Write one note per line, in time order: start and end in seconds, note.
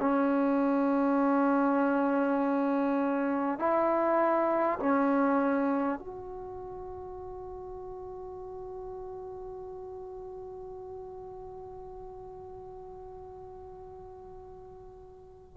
0.00 3.59 C#4
3.59 4.79 E4
4.79 5.99 C#4
5.99 15.57 F#4